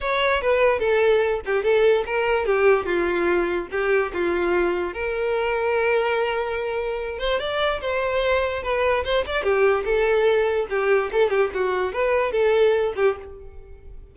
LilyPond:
\new Staff \with { instrumentName = "violin" } { \time 4/4 \tempo 4 = 146 cis''4 b'4 a'4. g'8 | a'4 ais'4 g'4 f'4~ | f'4 g'4 f'2 | ais'1~ |
ais'4. c''8 d''4 c''4~ | c''4 b'4 c''8 d''8 g'4 | a'2 g'4 a'8 g'8 | fis'4 b'4 a'4. g'8 | }